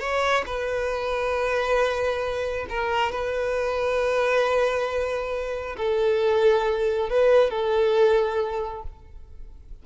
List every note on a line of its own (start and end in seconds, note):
0.00 0.44 C#5
0.46 2.67 B4
2.69 3.12 A#4
3.12 5.76 B4
5.77 7.09 A4
7.09 7.50 B4
7.50 8.83 A4